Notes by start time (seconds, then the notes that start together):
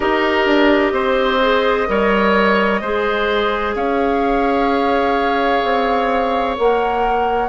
0.00 D#4 G4 A#4 D#5
0.46 D4
0.92 C4 C5
1.41 G#4
1.86 G3 A#4 C#5
2.81 G#3 G#4 C5
3.74 C#4 C#5 F5
5.63 C4
6.56 A#3 A#4 F#5